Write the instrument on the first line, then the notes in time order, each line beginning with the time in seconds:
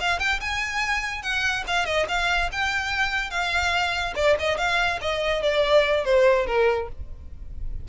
violin
0.00 F5
0.20 G5
0.41 G#5
1.22 F#5
1.67 F5
1.86 D#5
2.09 F5
2.52 G5
3.30 F5
4.16 D5
4.39 D#5
4.58 F5
5.01 D#5
5.42 D5
6.05 C5
6.47 A#4